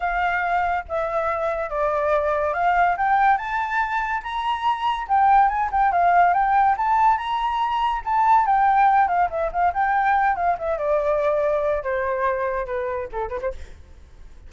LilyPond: \new Staff \with { instrumentName = "flute" } { \time 4/4 \tempo 4 = 142 f''2 e''2 | d''2 f''4 g''4 | a''2 ais''2 | g''4 gis''8 g''8 f''4 g''4 |
a''4 ais''2 a''4 | g''4. f''8 e''8 f''8 g''4~ | g''8 f''8 e''8 d''2~ d''8 | c''2 b'4 a'8 b'16 c''16 | }